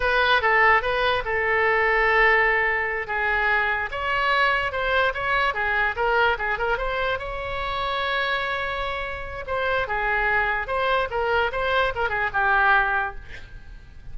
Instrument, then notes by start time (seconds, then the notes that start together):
oboe
0.00 B4
0.41 A4
0.82 B4
1.24 A4
3.07 G#4
3.91 C#5
4.71 C5
5.14 C#5
5.54 G#4
5.96 A#4
6.38 G#4
6.58 A#4
6.77 C5
7.18 C#5
9.47 C5
9.87 G#4
10.67 C5
11.10 A#4
11.52 C5
11.95 A#4
12.09 G#4
12.33 G4